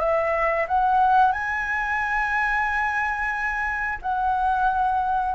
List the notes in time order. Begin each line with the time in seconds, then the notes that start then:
0.00 E5
0.68 F#5
1.33 G#5
4.02 F#5